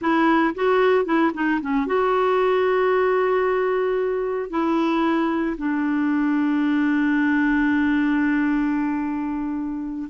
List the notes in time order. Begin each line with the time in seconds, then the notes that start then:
0.01 E4
0.54 F#4
1.05 E4
1.33 D#4
1.61 C#4
1.86 F#4
4.50 E4
5.57 D4